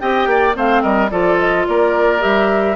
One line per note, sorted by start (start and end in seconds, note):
0.00 0.27 C4
0.00 0.54 G4
0.00 0.30 D#5
0.00 0.56 G5
0.27 0.54 A#3
0.27 0.57 D5
0.54 0.84 A3
0.54 1.09 C4
0.54 0.83 C5
0.54 0.82 F5
0.82 1.12 G3
0.82 1.11 A#4
0.82 1.10 D#5
1.11 1.67 F3
1.11 2.20 F4
1.11 1.67 A4
1.11 1.39 D5
1.39 1.67 D#5
1.67 2.23 A#3
1.67 2.76 A#4
1.67 2.22 D5
2.20 2.76 G3
2.20 2.75 G4
2.20 2.76 E5